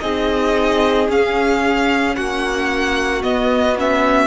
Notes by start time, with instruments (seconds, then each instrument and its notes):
0.00 cello C4, viola D#4, violin G#4 D#5
1.09 viola C#4, cello C#4, violin F5
2.15 cello A#3, violin F#4 F#5
3.22 viola B3, cello B3, violin D#5
3.78 viola C#4, violin E5